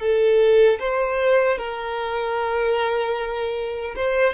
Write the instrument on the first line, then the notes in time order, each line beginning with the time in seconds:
violin
0.00 A4
0.80 C5
1.58 A#4
3.95 C5